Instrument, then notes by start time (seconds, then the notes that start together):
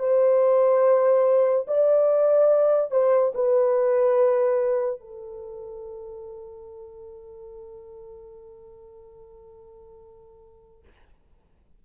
horn
0.00 C5
1.68 D5
2.91 C5
3.35 B4
5.01 A4